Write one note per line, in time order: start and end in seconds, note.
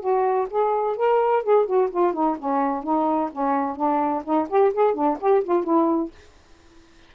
0.00 0.47 F#4
0.50 0.96 G#4
0.96 1.43 A#4
1.43 1.66 G#4
1.66 1.89 F#4
1.90 2.13 F4
2.13 2.37 D#4
2.38 2.83 C#4
2.83 3.30 D#4
3.32 3.76 C#4
3.76 4.23 D4
4.24 4.47 D#4
4.49 4.73 G4
4.73 4.94 G#4
4.94 5.17 D4
5.20 5.44 G4
5.44 5.64 F4
5.64 6.10 E4